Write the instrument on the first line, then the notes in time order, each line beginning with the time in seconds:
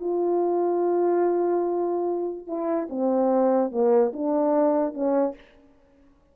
horn
0.00 F4
2.46 E4
2.89 C4
3.71 A#3
4.13 D4
4.93 C#4